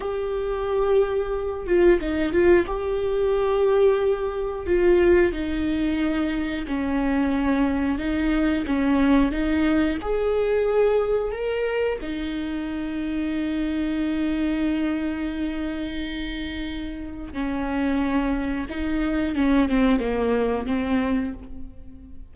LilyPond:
\new Staff \with { instrumentName = "viola" } { \time 4/4 \tempo 4 = 90 g'2~ g'8 f'8 dis'8 f'8 | g'2. f'4 | dis'2 cis'2 | dis'4 cis'4 dis'4 gis'4~ |
gis'4 ais'4 dis'2~ | dis'1~ | dis'2 cis'2 | dis'4 cis'8 c'8 ais4 c'4 | }